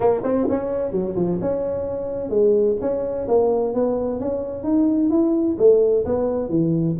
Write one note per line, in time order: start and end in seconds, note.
0.00 0.21 A#3
0.23 0.47 C4
0.49 0.91 C#4
0.91 1.14 F#3
1.16 1.39 F3
1.41 2.29 C#4
2.29 2.76 G#3
2.80 3.27 C#4
3.27 3.73 A#3
3.73 4.20 B3
4.20 4.63 C#4
4.63 5.10 D#4
5.10 5.56 E4
5.58 6.05 A3
6.05 6.49 B3
6.49 6.95 E3